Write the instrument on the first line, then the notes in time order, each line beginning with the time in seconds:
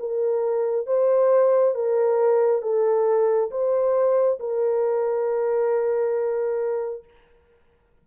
horn
0.00 A#4
0.87 C5
1.75 A#4
2.63 A4
3.51 C5
4.40 A#4